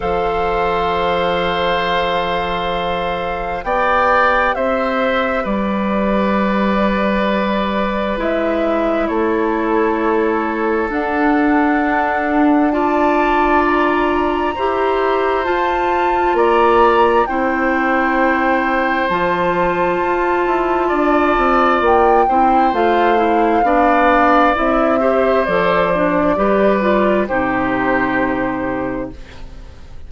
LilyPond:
<<
  \new Staff \with { instrumentName = "flute" } { \time 4/4 \tempo 4 = 66 f''1 | g''4 e''4 d''2~ | d''4 e''4 cis''2 | fis''2 a''4 ais''4~ |
ais''4 a''4 ais''4 g''4~ | g''4 a''2. | g''4 f''2 e''4 | d''2 c''2 | }
  \new Staff \with { instrumentName = "oboe" } { \time 4/4 c''1 | d''4 c''4 b'2~ | b'2 a'2~ | a'2 d''2 |
c''2 d''4 c''4~ | c''2. d''4~ | d''8 c''4. d''4. c''8~ | c''4 b'4 g'2 | }
  \new Staff \with { instrumentName = "clarinet" } { \time 4/4 a'1 | g'1~ | g'4 e'2. | d'2 f'2 |
g'4 f'2 e'4~ | e'4 f'2.~ | f'8 e'8 f'8 e'8 d'4 e'8 g'8 | a'8 d'8 g'8 f'8 dis'2 | }
  \new Staff \with { instrumentName = "bassoon" } { \time 4/4 f1 | b4 c'4 g2~ | g4 gis4 a2 | d'1 |
e'4 f'4 ais4 c'4~ | c'4 f4 f'8 e'8 d'8 c'8 | ais8 c'8 a4 b4 c'4 | f4 g4 c2 | }
>>